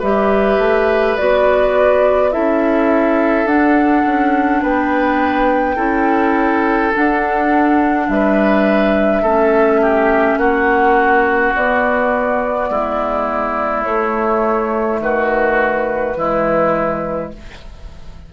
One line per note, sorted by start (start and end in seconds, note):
0.00 0.59 G3
0.00 1.19 G4
0.00 2.31 B4
0.00 1.17 E5
0.59 1.17 A3
1.17 2.36 B3
1.17 2.32 F#4
1.17 2.32 D5
2.32 3.45 C#4
2.32 3.48 E4
2.32 4.62 A4
2.32 3.48 E5
3.45 4.03 D4
3.45 5.77 D4
3.45 4.63 F#5
4.06 4.63 C#4
4.62 5.77 B3
4.62 5.76 B4
4.62 6.95 G5
5.76 6.93 C#4
5.76 6.92 E4
5.76 8.06 A4
6.94 9.25 D4
6.94 8.09 D4
6.94 8.09 F#5
8.09 9.23 G3
8.09 9.23 B4
8.09 10.39 E5
9.23 10.37 A3
9.23 11.56 C#4
9.23 9.81 A4
9.82 10.39 G4
10.37 11.53 A#3
10.37 12.70 F#4
10.37 11.54 F#5
11.56 12.70 B3
11.56 13.85 B3
11.56 13.84 D5
12.70 13.85 G#3
12.70 15.01 E4
13.84 16.16 A3
13.84 15.00 A3
13.84 14.99 C#5
15.00 16.15 D#3
15.00 16.18 F#4
15.00 17.33 B4
16.17 17.32 E3
16.17 17.33 G#3
16.17 17.33 E4